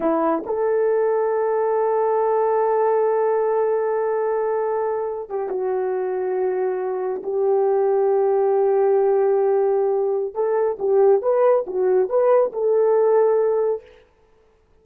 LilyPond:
\new Staff \with { instrumentName = "horn" } { \time 4/4 \tempo 4 = 139 e'4 a'2.~ | a'1~ | a'1~ | a'16 g'8 fis'2.~ fis'16~ |
fis'8. g'2.~ g'16~ | g'1 | a'4 g'4 b'4 fis'4 | b'4 a'2. | }